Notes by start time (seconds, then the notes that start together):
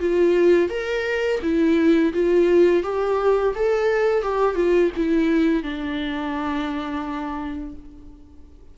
0.00 F4
0.69 A#4
1.42 E4
2.13 F4
2.83 G4
3.55 A4
4.22 G4
4.55 F4
4.96 E4
5.62 D4